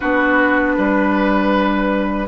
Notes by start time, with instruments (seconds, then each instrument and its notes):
0.00 bassoon B3, clarinet D4, oboe F#4, flute B4
0.77 bassoon G3, oboe B4